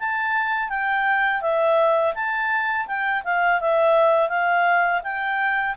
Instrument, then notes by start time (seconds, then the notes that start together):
clarinet
0.00 A5
0.70 G5
1.42 E5
2.15 A5
2.88 G5
3.25 F5
3.61 E5
4.29 F5
5.04 G5